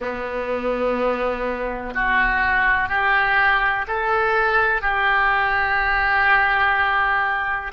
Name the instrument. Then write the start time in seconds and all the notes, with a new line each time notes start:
oboe
0.00 B3
1.94 F#4
2.88 G4
3.87 A4
4.81 G4